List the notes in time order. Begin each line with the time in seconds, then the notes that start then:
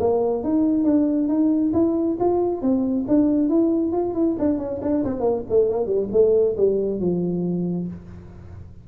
0.00 A#3
0.44 D#4
0.84 D4
1.28 D#4
1.74 E4
2.20 F4
2.62 C4
3.08 D4
3.49 E4
3.93 F4
4.14 E4
4.39 D4
4.59 C#4
4.82 D4
5.04 C4
5.20 A#3
5.50 A3
5.70 A#3
5.86 G3
6.13 A3
6.57 G3
7.00 F3